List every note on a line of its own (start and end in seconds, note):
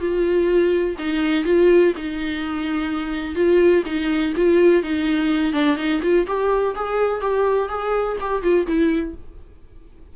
0.00 0.96 F4
0.98 1.45 D#4
1.45 1.93 F4
1.97 3.35 D#4
3.35 3.83 F4
3.86 4.34 D#4
4.36 4.83 F4
4.83 5.53 D#4
5.53 5.77 D4
5.77 6.01 D#4
6.02 6.26 F4
6.27 6.75 G4
6.75 7.21 G#4
7.21 7.69 G4
7.69 8.17 G#4
8.20 8.42 G4
8.42 8.66 F4
8.67 9.15 E4